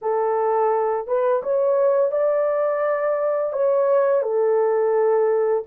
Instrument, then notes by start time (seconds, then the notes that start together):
horn
0.01 A4
1.07 B4
1.42 C#5
2.11 D5
3.52 C#5
4.22 A4